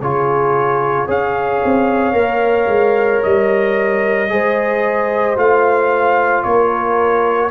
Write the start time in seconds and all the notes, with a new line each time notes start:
0.00 C#3 F4 G#4 C#5
1.06 C#4 G#4 C#5 F5
1.65 C4
2.13 A#3 A#4
2.67 G#3
3.23 G3 D#5
4.29 G#3 G#4 C5
5.36 A3 F4 F5
6.43 A#3 A#4 C#5